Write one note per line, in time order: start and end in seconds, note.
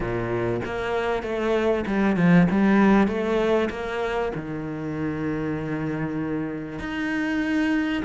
0.00 0.60 A#2
0.65 1.23 A#3
1.23 1.84 A3
1.86 2.16 G3
2.16 2.47 F3
2.51 3.07 G3
3.07 3.69 A3
3.70 4.32 A#3
4.35 6.79 D#3
6.79 8.02 D#4